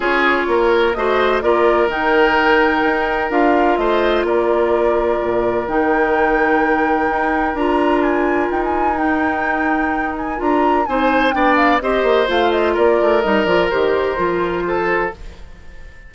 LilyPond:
<<
  \new Staff \with { instrumentName = "flute" } { \time 4/4 \tempo 4 = 127 cis''2 dis''4 d''4 | g''2. f''4 | dis''4 d''2. | g''1 |
ais''4 gis''4 g''16 gis''8. g''4~ | g''4. gis''8 ais''4 gis''4 | g''8 f''8 dis''4 f''8 dis''8 d''4 | dis''8 d''8 c''2. | }
  \new Staff \with { instrumentName = "oboe" } { \time 4/4 gis'4 ais'4 c''4 ais'4~ | ais'1 | c''4 ais'2.~ | ais'1~ |
ais'1~ | ais'2. c''4 | d''4 c''2 ais'4~ | ais'2. a'4 | }
  \new Staff \with { instrumentName = "clarinet" } { \time 4/4 f'2 fis'4 f'4 | dis'2. f'4~ | f'1 | dis'1 |
f'2. dis'4~ | dis'2 f'4 dis'4 | d'4 g'4 f'2 | dis'8 f'8 g'4 f'2 | }
  \new Staff \with { instrumentName = "bassoon" } { \time 4/4 cis'4 ais4 a4 ais4 | dis2 dis'4 d'4 | a4 ais2 ais,4 | dis2. dis'4 |
d'2 dis'2~ | dis'2 d'4 c'4 | b4 c'8 ais8 a4 ais8 a8 | g8 f8 dis4 f2 | }
>>